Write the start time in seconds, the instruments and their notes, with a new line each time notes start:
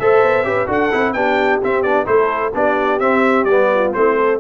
0.00 tuba A3, trombone A4, horn C5, trumpet E5
0.23 tuba B3
0.44 tuba C#4, trombone G4, horn B4
0.67 tuba D4, trombone F#4, horn A4, trumpet F#5
0.92 tuba C4, trombone E4
1.13 tuba B3, trombone D4, horn G4, trumpet G5
1.63 trombone C4, tuba C4, trumpet E5
1.83 tuba B3, trombone D4, trumpet D5
2.06 tuba A3, trombone E4, horn A4, trumpet C5
2.54 tuba B3, trombone D4, horn G4, trumpet D5
3.00 tuba C4, trombone C4, trumpet E5
3.45 tuba G3, trumpet D5
3.51 trombone B3
3.75 horn F4
3.94 tuba A3, trombone C4, horn E4, trumpet C5
4.17 horn A4